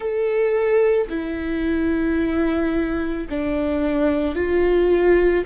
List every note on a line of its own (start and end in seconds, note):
0.00 1.07 A4
1.09 3.27 E4
3.29 4.35 D4
4.35 5.44 F4